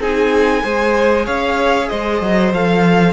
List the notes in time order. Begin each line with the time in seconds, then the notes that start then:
0.00 C4 D#4 G#4 G#5
0.63 G#3 G#4 C5
1.25 C#4 C#5 F5
1.88 G#3 C5 D#5
2.22 F#3
2.53 F3 A4 F5